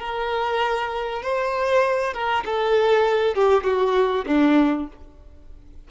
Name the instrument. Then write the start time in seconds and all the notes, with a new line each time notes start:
violin
0.00 A#4
1.22 C5
2.14 A#4
2.45 A4
3.35 G4
3.64 F#4
4.27 D4